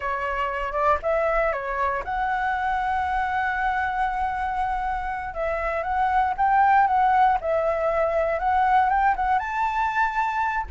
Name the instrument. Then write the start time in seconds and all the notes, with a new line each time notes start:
flute
0.00 C#5
0.72 D5
1.02 E5
1.52 C#5
2.04 F#5
5.34 E5
5.83 F#5
6.37 G5
6.87 F#5
7.41 E5
8.39 F#5
8.89 G5
9.16 F#5
9.38 A5